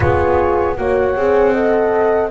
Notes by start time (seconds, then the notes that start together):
0.00 B3 F4 G#4 C#5
0.76 A#3 F#4 C#5 F#5
1.16 C4 G#4
1.53 A4 D#5